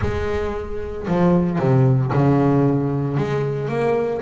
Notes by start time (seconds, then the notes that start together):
0.01 G#3
1.07 F3
1.58 C3
2.12 C#3
3.17 G#3
3.68 A#3